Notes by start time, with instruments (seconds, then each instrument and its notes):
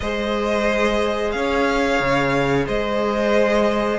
0.00 cello G#3, viola G#4, violin C5 D#5
1.31 cello C#4, violin C#5 F5
2.00 cello C#3
2.66 cello G#3, violin C5 D#5